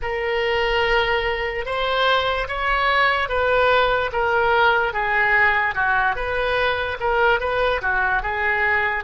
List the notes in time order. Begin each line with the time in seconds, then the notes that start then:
0.01 A#4
1.65 C5
2.48 C#5
3.28 B4
4.12 A#4
4.93 G#4
5.74 F#4
6.15 B4
7.00 A#4
7.40 B4
7.81 F#4
8.22 G#4